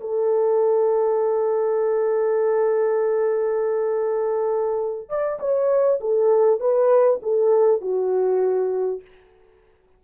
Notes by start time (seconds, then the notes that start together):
0.00 A4
5.09 D5
5.39 C#5
6.00 A4
6.60 B4
7.22 A4
7.81 F#4